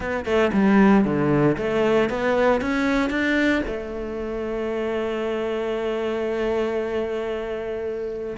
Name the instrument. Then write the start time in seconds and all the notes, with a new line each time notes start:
cello
0.00 B3
0.25 A3
0.52 G3
1.04 D3
1.57 A3
2.09 B3
2.61 C#4
3.09 D4
3.67 A3